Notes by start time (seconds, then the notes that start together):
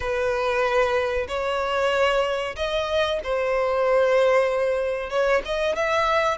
0.00 B4
1.28 C#5
2.56 D#5
3.23 C5
5.09 C#5
5.45 D#5
5.75 E5